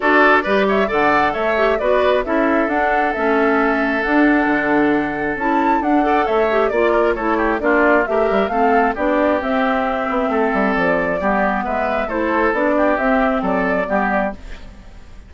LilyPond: <<
  \new Staff \with { instrumentName = "flute" } { \time 4/4 \tempo 4 = 134 d''4. e''8 fis''4 e''4 | d''4 e''4 fis''4 e''4~ | e''4 fis''2. | a''4 fis''4 e''4 d''4 |
cis''4 d''4 e''4 f''4 | d''4 e''2. | d''2 e''4 c''4 | d''4 e''4 d''2 | }
  \new Staff \with { instrumentName = "oboe" } { \time 4/4 a'4 b'8 cis''8 d''4 cis''4 | b'4 a'2.~ | a'1~ | a'4. d''8 cis''4 d''8 ais'8 |
a'8 g'8 f'4 ais'4 a'4 | g'2. a'4~ | a'4 g'4 b'4 a'4~ | a'8 g'4. a'4 g'4 | }
  \new Staff \with { instrumentName = "clarinet" } { \time 4/4 fis'4 g'4 a'4. g'8 | fis'4 e'4 d'4 cis'4~ | cis'4 d'2. | e'4 d'8 a'4 g'8 f'4 |
e'4 d'4 g'4 c'4 | d'4 c'2.~ | c'4 b2 e'4 | d'4 c'2 b4 | }
  \new Staff \with { instrumentName = "bassoon" } { \time 4/4 d'4 g4 d4 a4 | b4 cis'4 d'4 a4~ | a4 d'4 d2 | cis'4 d'4 a4 ais4 |
a4 ais4 a8 g8 a4 | b4 c'4. b8 a8 g8 | f4 g4 gis4 a4 | b4 c'4 fis4 g4 | }
>>